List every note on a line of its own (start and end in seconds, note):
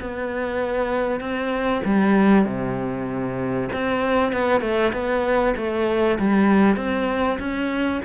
0.00 1.20 B3
1.20 1.82 C4
1.84 2.45 G3
2.45 3.69 C3
3.72 4.32 C4
4.32 4.61 B3
4.61 4.92 A3
4.92 5.54 B3
5.56 6.18 A3
6.18 6.76 G3
6.76 7.38 C4
7.39 8.01 C#4